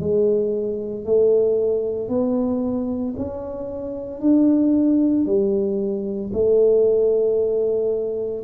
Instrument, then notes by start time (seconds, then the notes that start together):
tuba
0.00 G#3
1.05 A3
2.09 B3
3.17 C#4
4.21 D4
5.26 G3
6.33 A3